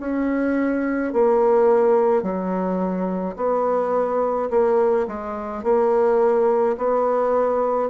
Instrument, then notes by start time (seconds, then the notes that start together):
bassoon
0.00 C#4
1.13 A#3
2.22 F#3
3.37 B3
4.50 A#3
5.07 G#3
5.63 A#3
6.77 B3